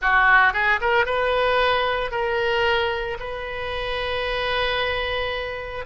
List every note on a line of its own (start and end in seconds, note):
0.01 0.53 F#4
0.53 0.79 G#4
0.80 1.05 A#4
1.05 2.11 B4
2.11 3.17 A#4
3.19 5.85 B4